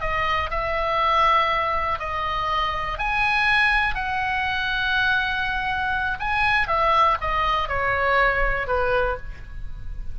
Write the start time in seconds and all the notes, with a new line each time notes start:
0.00 D#5
0.50 E5
1.99 D#5
2.98 G#5
3.94 F#5
6.19 G#5
6.67 E5
7.21 D#5
7.68 C#5
8.67 B4